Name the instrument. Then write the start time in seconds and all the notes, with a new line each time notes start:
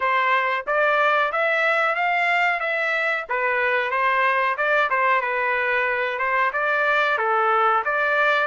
trumpet
0.00 C5
0.66 D5
1.32 E5
1.95 F5
2.60 E5
3.29 B4
3.90 C5
4.57 D5
4.90 C5
5.21 B4
6.18 C5
6.52 D5
7.17 A4
7.84 D5